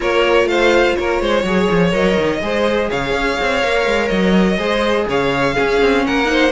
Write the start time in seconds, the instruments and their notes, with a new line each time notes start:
0.00 cello A#3, viola F4, violin A#4 C#5
0.44 cello A3, violin C5 F5
0.96 cello A#3, violin A#4 C#5
1.21 cello G#3, violin C5
1.43 cello F#3, viola G#4, violin C#5
1.70 cello F3
1.91 cello F#3, viola A#4, violin D#5
2.17 cello D#3
2.41 cello G#3, viola G#4, violin C5
2.90 cello C#3, violin C#5 F5
3.12 cello C#4
3.41 cello C4
3.62 cello A#3, viola A#4
3.86 cello G#3
4.08 cello F#3, violin D#5
4.57 cello G#3, viola G#4, violin C5
5.08 cello C#3, violin C#5 F5
5.54 viola C#4, cello C#4, violin G#4
5.81 cello C4
6.06 cello A#3, violin A#4 F#5
6.25 viola D#4, violin C5